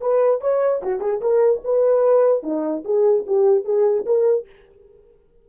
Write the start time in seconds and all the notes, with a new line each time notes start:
0.00 B4
0.41 C#5
0.82 F#4
1.00 G#4
1.21 A#4
1.64 B4
2.43 D#4
2.84 G#4
3.26 G4
3.64 G#4
4.05 A#4